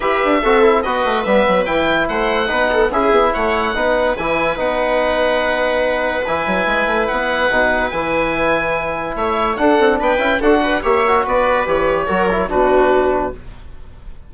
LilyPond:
<<
  \new Staff \with { instrumentName = "oboe" } { \time 4/4 \tempo 4 = 144 e''2 dis''4 e''4 | g''4 fis''2 e''4 | fis''2 gis''4 fis''4~ | fis''2. gis''4~ |
gis''4 fis''2 gis''4~ | gis''2 e''4 fis''4 | g''4 fis''4 e''4 d''4 | cis''2 b'2 | }
  \new Staff \with { instrumentName = "viola" } { \time 4/4 b'4 a'4 b'2~ | b'4 c''4 b'8 a'8 gis'4 | cis''4 b'2.~ | b'1~ |
b'1~ | b'2 cis''4 a'4 | b'4 a'8 b'8 cis''4 b'4~ | b'4 ais'4 fis'2 | }
  \new Staff \with { instrumentName = "trombone" } { \time 4/4 g'4 fis'8 e'8 fis'4 b4 | e'2 dis'4 e'4~ | e'4 dis'4 e'4 dis'4~ | dis'2. e'4~ |
e'2 dis'4 e'4~ | e'2. d'4~ | d'8 e'8 fis'4 g'8 fis'4. | g'4 fis'8 e'8 d'2 | }
  \new Staff \with { instrumentName = "bassoon" } { \time 4/4 e'8 d'8 c'4 b8 a8 g8 fis8 | e4 a4 b4 cis'8 b8 | a4 b4 e4 b4~ | b2. e8 fis8 |
gis8 a8 b4 b,4 e4~ | e2 a4 d'8 c'8 | b8 cis'8 d'4 ais4 b4 | e4 fis4 b,2 | }
>>